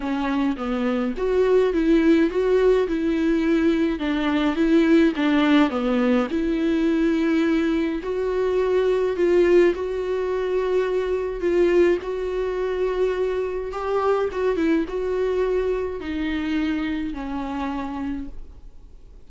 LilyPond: \new Staff \with { instrumentName = "viola" } { \time 4/4 \tempo 4 = 105 cis'4 b4 fis'4 e'4 | fis'4 e'2 d'4 | e'4 d'4 b4 e'4~ | e'2 fis'2 |
f'4 fis'2. | f'4 fis'2. | g'4 fis'8 e'8 fis'2 | dis'2 cis'2 | }